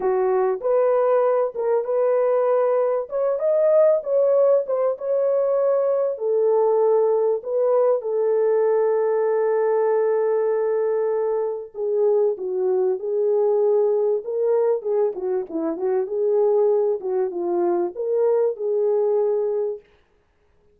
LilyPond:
\new Staff \with { instrumentName = "horn" } { \time 4/4 \tempo 4 = 97 fis'4 b'4. ais'8 b'4~ | b'4 cis''8 dis''4 cis''4 c''8 | cis''2 a'2 | b'4 a'2.~ |
a'2. gis'4 | fis'4 gis'2 ais'4 | gis'8 fis'8 e'8 fis'8 gis'4. fis'8 | f'4 ais'4 gis'2 | }